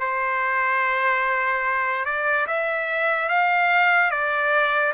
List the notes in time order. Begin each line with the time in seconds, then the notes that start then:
0.00 C5
2.05 D5
2.47 E5
3.29 F5
4.11 D5